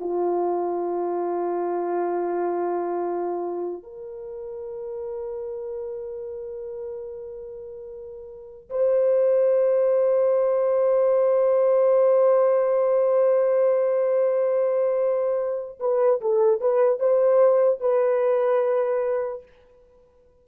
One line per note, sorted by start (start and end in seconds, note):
0.00 3.83 F4
3.83 8.70 A#4
8.70 15.79 C5
15.80 16.21 B4
16.21 16.61 A4
16.61 17.00 B4
17.00 17.80 C5
17.80 19.43 B4